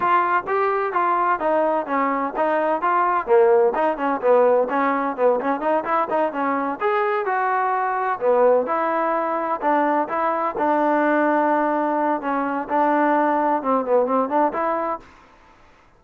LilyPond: \new Staff \with { instrumentName = "trombone" } { \time 4/4 \tempo 4 = 128 f'4 g'4 f'4 dis'4 | cis'4 dis'4 f'4 ais4 | dis'8 cis'8 b4 cis'4 b8 cis'8 | dis'8 e'8 dis'8 cis'4 gis'4 fis'8~ |
fis'4. b4 e'4.~ | e'8 d'4 e'4 d'4.~ | d'2 cis'4 d'4~ | d'4 c'8 b8 c'8 d'8 e'4 | }